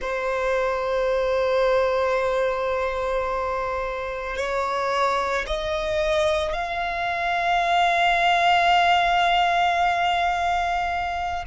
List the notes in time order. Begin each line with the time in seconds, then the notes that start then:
0.01 C5
4.36 C#5
5.46 D#5
6.53 F5